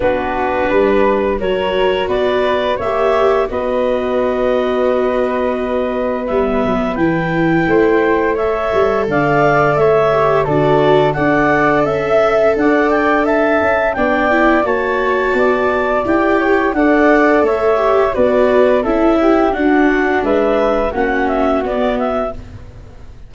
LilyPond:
<<
  \new Staff \with { instrumentName = "clarinet" } { \time 4/4 \tempo 4 = 86 b'2 cis''4 d''4 | e''4 dis''2.~ | dis''4 e''4 g''2 | e''4 f''4 e''4 d''4 |
fis''4 e''4 fis''8 g''8 a''4 | g''4 a''2 g''4 | fis''4 e''4 d''4 e''4 | fis''4 e''4 fis''8 e''8 d''8 e''8 | }
  \new Staff \with { instrumentName = "flute" } { \time 4/4 fis'4 b'4 ais'4 b'4 | cis''4 b'2.~ | b'2. c''4 | cis''4 d''4 cis''4 a'4 |
d''4 e''4 d''4 e''4 | d''4 cis''4 d''4. cis''8 | d''4 cis''4 b'4 a'8 g'8 | fis'4 b'4 fis'2 | }
  \new Staff \with { instrumentName = "viola" } { \time 4/4 d'2 fis'2 | g'4 fis'2.~ | fis'4 b4 e'2 | a'2~ a'8 g'8 fis'4 |
a'1 | d'8 e'8 fis'2 g'4 | a'4. g'8 fis'4 e'4 | d'2 cis'4 b4 | }
  \new Staff \with { instrumentName = "tuba" } { \time 4/4 b4 g4 fis4 b4 | ais4 b2.~ | b4 g8 fis8 e4 a4~ | a8 g8 d4 a4 d4 |
d'4 cis'4 d'4. cis'8 | b4 ais4 b4 e'4 | d'4 a4 b4 cis'4 | d'4 gis4 ais4 b4 | }
>>